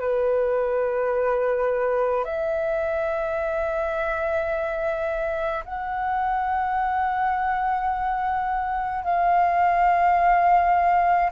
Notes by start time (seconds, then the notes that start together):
0.00 B4
2.24 E5
5.65 F#5
9.04 F5